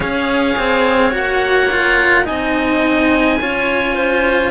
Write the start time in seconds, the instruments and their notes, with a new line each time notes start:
0.00 cello C#4 G#4, clarinet C#5, oboe F5
0.58 cello C4
1.11 cello A#3 F#4, oboe F#5
1.71 cello F4
2.23 cello D#4, clarinet D#5, oboe G#5
2.30 cello C4
3.40 cello C#4 F4, clarinet C#5
3.95 clarinet C5